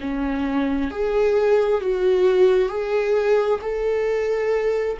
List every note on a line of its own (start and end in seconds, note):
0.00 0.90 C#4
0.90 1.81 G#4
1.81 2.69 F#4
2.69 3.60 G#4
3.61 4.98 A4